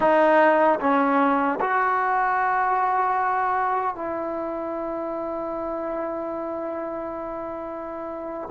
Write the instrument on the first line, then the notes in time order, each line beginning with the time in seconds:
trombone
0.00 D#4
0.80 C#4
1.60 F#4
3.95 E4